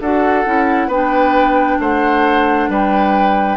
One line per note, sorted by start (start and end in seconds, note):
0.00 0.45 D4
0.00 0.45 F#4
0.00 0.88 A4
0.00 0.90 F#5
0.45 0.87 C#4
0.45 0.90 E4
0.87 1.77 B3
0.87 3.57 D4
0.87 1.77 B4
0.87 1.80 G5
1.79 2.68 A3
1.79 2.70 C5
1.79 2.71 F#5
2.69 3.57 G3
2.69 3.57 B4
2.69 3.57 G5